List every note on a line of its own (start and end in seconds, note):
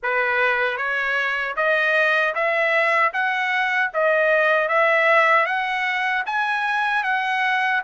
0.02 0.77 B4
0.77 1.55 C#5
1.56 2.34 D#5
2.34 3.12 E5
3.13 3.91 F#5
3.93 4.68 D#5
4.68 5.45 E5
5.45 6.23 F#5
6.26 7.03 G#5
7.03 7.81 F#5